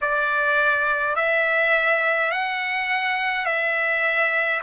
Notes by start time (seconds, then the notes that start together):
0.01 D5
1.15 E5
2.31 F#5
3.45 E5